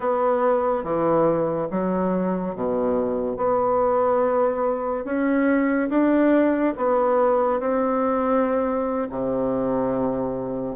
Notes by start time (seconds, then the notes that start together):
0.00 B3
0.83 E3
1.70 F#3
2.55 B2
3.36 B3
5.04 C#4
5.89 D4
6.77 B3
7.60 C4
9.10 C3